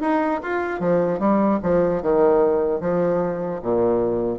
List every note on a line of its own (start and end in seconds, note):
0.00 0.40 D#4
0.43 0.80 F4
0.80 1.19 F3
1.19 1.59 G3
1.62 2.02 F3
2.02 2.80 D#3
2.80 3.60 F3
3.62 4.39 A#2